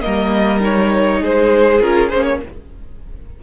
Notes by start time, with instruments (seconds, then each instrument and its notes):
0.00 cello G3, viola A#3, violin A#4 D#5
0.60 viola D#4, violin C#5
1.20 cello G#3, violin G#4 C5
1.80 cello C#4, viola F4, violin A#4
2.09 cello A#3, viola C#4, violin C5
2.23 violin C#5